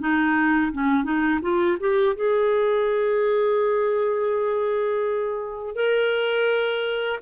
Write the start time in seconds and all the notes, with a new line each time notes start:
0.00 D#4
0.73 C#4
1.04 D#4
1.42 F4
1.80 G4
2.16 G#4
5.76 A#4